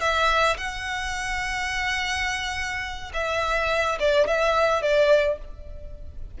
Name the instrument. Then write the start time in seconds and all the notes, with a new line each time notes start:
violin
0.00 E5
0.57 F#5
3.13 E5
3.99 D5
4.27 E5
4.81 D5